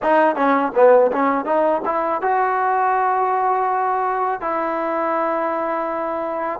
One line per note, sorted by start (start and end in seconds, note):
0.02 0.35 D#4
0.35 0.72 C#4
0.75 1.11 B3
1.11 1.45 C#4
1.45 1.81 D#4
1.85 2.21 E4
2.21 4.40 F#4
4.40 6.60 E4